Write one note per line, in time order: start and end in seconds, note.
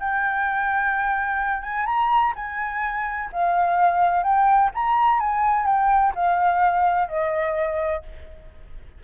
0.00 1.63 G5
1.63 1.86 G#5
1.86 2.34 A#5
2.36 3.31 G#5
3.33 4.24 F5
4.24 4.71 G5
4.75 5.20 A#5
5.20 5.66 G#5
5.66 6.14 G5
6.16 7.09 F5
7.09 8.03 D#5